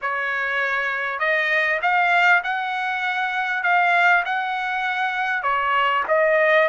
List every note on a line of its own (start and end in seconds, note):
0.01 1.19 C#5
1.19 1.80 D#5
1.82 2.42 F5
2.43 3.63 F#5
3.63 4.23 F5
4.25 5.42 F#5
5.42 6.03 C#5
6.08 6.68 D#5